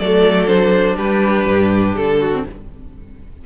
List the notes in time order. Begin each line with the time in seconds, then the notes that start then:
0.00 F#3 A3 A4 D5
0.47 D4 C5
0.96 G3 G4 B4
1.46 G2
1.96 D3 A4
2.20 F#4
2.33 C4